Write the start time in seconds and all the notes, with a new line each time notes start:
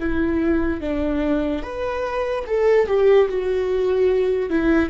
0.00 E4
0.81 D4
1.63 B4
2.47 A4
2.87 G4
3.29 F#4
4.50 E4